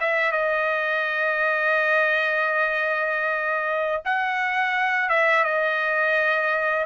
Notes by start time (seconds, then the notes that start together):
0.00 E5
0.32 D#5
4.05 F#5
5.09 E5
5.44 D#5